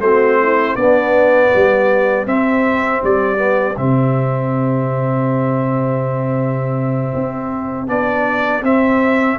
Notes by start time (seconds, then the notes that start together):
0.00 A3 C4 F#4 C5
0.42 E4
0.76 B3 D4 D5
1.51 G3 G4
2.26 C4 E5
3.04 G3 D5
3.37 B3
3.77 C3 C4 E5
7.15 C4
7.88 B3 D4 D5
8.62 C4 E5